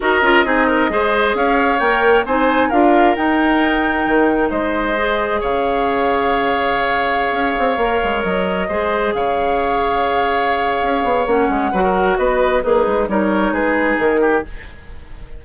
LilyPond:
<<
  \new Staff \with { instrumentName = "flute" } { \time 4/4 \tempo 4 = 133 dis''2. f''4 | g''4 gis''4 f''4 g''4~ | g''2 dis''2 | f''1~ |
f''2~ f''16 dis''4.~ dis''16~ | dis''16 f''2.~ f''8.~ | f''4 fis''2 dis''4 | b'4 cis''4 b'4 ais'4 | }
  \new Staff \with { instrumentName = "oboe" } { \time 4/4 ais'4 gis'8 ais'8 c''4 cis''4~ | cis''4 c''4 ais'2~ | ais'2 c''2 | cis''1~ |
cis''2.~ cis''16 c''8.~ | c''16 cis''2.~ cis''8.~ | cis''2 b'16 ais'8. b'4 | dis'4 ais'4 gis'4. g'8 | }
  \new Staff \with { instrumentName = "clarinet" } { \time 4/4 fis'8 f'8 dis'4 gis'2 | ais'4 dis'4 f'4 dis'4~ | dis'2. gis'4~ | gis'1~ |
gis'4~ gis'16 ais'2 gis'8.~ | gis'1~ | gis'4 cis'4 fis'2 | gis'4 dis'2. | }
  \new Staff \with { instrumentName = "bassoon" } { \time 4/4 dis'8 cis'8 c'4 gis4 cis'4 | ais4 c'4 d'4 dis'4~ | dis'4 dis4 gis2 | cis1~ |
cis16 cis'8 c'8 ais8 gis8 fis4 gis8.~ | gis16 cis2.~ cis8. | cis'8 b8 ais8 gis8 fis4 b4 | ais8 gis8 g4 gis4 dis4 | }
>>